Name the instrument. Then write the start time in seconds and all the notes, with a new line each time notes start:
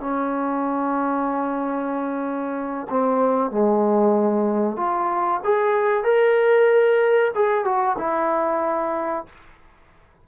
trombone
0.00 C#4
2.90 C4
3.51 G#3
4.77 F4
5.44 G#4
6.03 A#4
7.35 G#4
7.65 F#4
7.98 E4